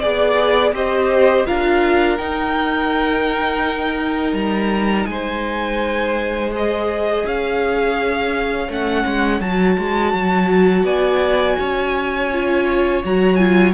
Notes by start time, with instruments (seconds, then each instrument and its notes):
0.00 cello B3, viola G#4, violin D5
0.73 cello C4, viola G4, violin C5 D#5
1.46 cello D4, viola F4, violin A#4 F5
2.18 cello D#4, viola D#4, violin G5
4.33 cello G3, violin A#5
5.06 cello G#3, violin C5 G#5
6.52 viola G#4, violin D#5
7.26 cello C#4, violin C#5 F5
8.69 cello A3, viola C#4, violin F#5
9.06 cello G#3
9.41 cello F#3, viola F#4, violin A5
9.79 cello G#3
10.14 cello F#3
10.84 cello B3, violin D5 G#5
11.59 cello C#4, violin C#5
12.32 viola F4
13.05 cello F#3, viola F#4, violin A#5
13.36 viola F4, violin G#5